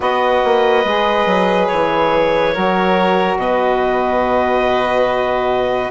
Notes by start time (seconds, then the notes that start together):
0.00 B3 F#4 B4 D#5
0.44 A#3
0.84 G#3 G#4
1.26 F#3
1.67 E3 C#5
2.53 F#3 F#4 A#4
3.36 B2 B4 D#5